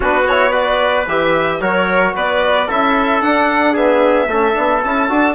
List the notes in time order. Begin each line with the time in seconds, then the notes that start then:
0.00 B3 D4 F#4 B4
0.27 E4 C#5
0.50 F#4 B4 D5
1.06 E3 G4 E5
1.60 F#3 F#4 A#4 C#5
2.15 B3 B4 D5
2.67 C#4 E4 A4 E5
3.21 D4 F#5
3.72 B3 G#4 E5
4.27 A3 C#4 A4
4.54 B3 D4
4.83 C#4 E4 A5
5.08 D4 F#4